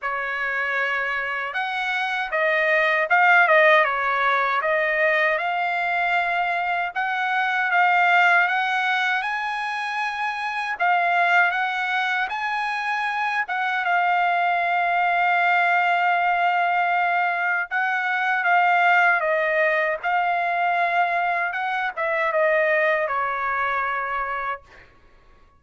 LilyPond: \new Staff \with { instrumentName = "trumpet" } { \time 4/4 \tempo 4 = 78 cis''2 fis''4 dis''4 | f''8 dis''8 cis''4 dis''4 f''4~ | f''4 fis''4 f''4 fis''4 | gis''2 f''4 fis''4 |
gis''4. fis''8 f''2~ | f''2. fis''4 | f''4 dis''4 f''2 | fis''8 e''8 dis''4 cis''2 | }